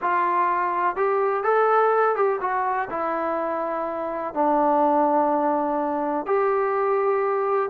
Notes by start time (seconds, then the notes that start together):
0.01 F4
0.95 G4
1.43 A4
2.15 G4
2.40 F#4
2.89 E4
4.34 D4
6.26 G4